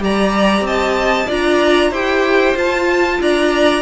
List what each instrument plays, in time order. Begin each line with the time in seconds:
0.00 cello G3, viola G4, violin D5 A#5
0.61 cello C4, violin D#5 A5
1.28 cello D4, viola F4, violin D5 A#5
1.90 cello E4, viola G4, violin C5 G5
2.56 viola F4, cello F4, violin A5
3.22 cello D4, violin D5 A#5